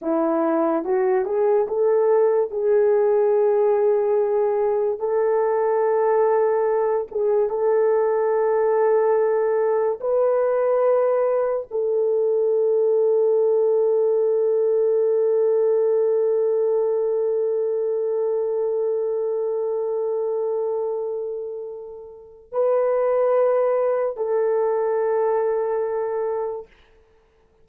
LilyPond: \new Staff \with { instrumentName = "horn" } { \time 4/4 \tempo 4 = 72 e'4 fis'8 gis'8 a'4 gis'4~ | gis'2 a'2~ | a'8 gis'8 a'2. | b'2 a'2~ |
a'1~ | a'1~ | a'2. b'4~ | b'4 a'2. | }